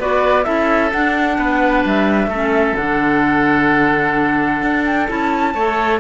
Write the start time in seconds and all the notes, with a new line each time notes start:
0.00 B3 F#4 B4 D5
0.45 C#4 E4 A4 E5
0.92 D4 F#5
1.39 B3 B4
1.86 G3 E5
2.27 A3 C#4 A4
2.76 D3 D4 F#5
4.63 D4
4.86 G5
5.08 C#4 E4 A5
5.55 A3 A4 C#5